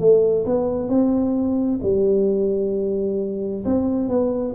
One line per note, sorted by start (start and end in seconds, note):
0.00 0.45 A3
0.46 0.89 B3
0.89 1.80 C4
1.83 3.64 G3
3.65 4.09 C4
4.09 4.55 B3